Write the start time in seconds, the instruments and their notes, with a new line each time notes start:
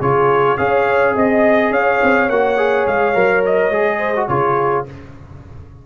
0.00 tuba C#3, trombone F4, horn G#4, trumpet C#5
0.57 tuba C#4, trombone G#4, horn C#5, trumpet F5
1.15 tuba C4, horn D#5, trumpet D#5
1.71 tuba C#4, horn C#5, trumpet F5
2.03 tuba C4
2.29 tuba A#3, trombone F#4, trumpet F#5
2.57 trombone G#4
2.87 tuba G#3, trumpet F5
3.14 tuba F#3, trombone A#4
3.46 trumpet D#5
3.70 tuba G#3, trombone G#4
3.99 horn C5
4.16 trombone F#4
4.28 tuba C#3, trombone F4, horn G#4, trumpet C#5